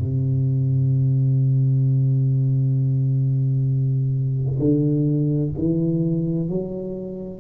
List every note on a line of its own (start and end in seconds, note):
0.00 4.59 C3
4.59 5.52 D3
5.58 6.49 E3
6.49 7.41 F#3